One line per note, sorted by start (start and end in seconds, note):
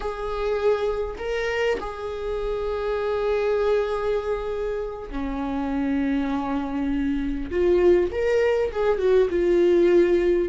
0.00 1.16 G#4
1.18 1.78 A#4
1.79 5.09 G#4
5.10 7.50 C#4
7.50 8.10 F4
8.11 8.71 A#4
8.71 8.98 G#4
8.98 9.28 F#4
9.30 10.48 F4